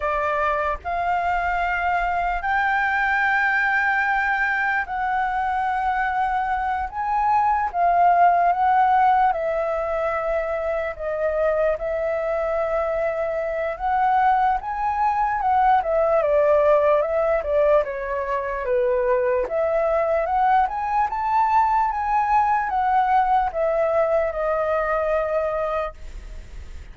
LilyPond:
\new Staff \with { instrumentName = "flute" } { \time 4/4 \tempo 4 = 74 d''4 f''2 g''4~ | g''2 fis''2~ | fis''8 gis''4 f''4 fis''4 e''8~ | e''4. dis''4 e''4.~ |
e''4 fis''4 gis''4 fis''8 e''8 | d''4 e''8 d''8 cis''4 b'4 | e''4 fis''8 gis''8 a''4 gis''4 | fis''4 e''4 dis''2 | }